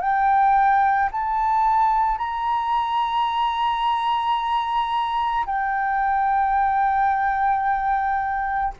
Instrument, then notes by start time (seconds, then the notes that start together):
flute
0.00 G5
1.11 A5
2.18 A#5
5.46 G5